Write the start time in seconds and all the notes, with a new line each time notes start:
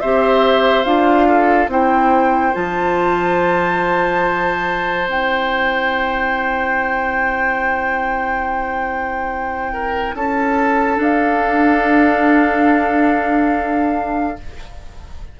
0.00 C4 G4 C5 E5
0.85 D4 F4 F5
1.29 A4
1.68 C4 E4 C5 G5
2.54 F3 F4 A5
5.07 C4 E4 G5
9.73 A#4
10.14 C#4 A4 A5
10.96 D4
11.02 F5